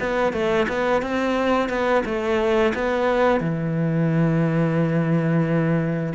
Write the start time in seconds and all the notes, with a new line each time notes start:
0.00 B3
0.33 A3
0.68 B3
1.02 C4
1.69 B3
2.05 A3
2.74 B3
3.40 E3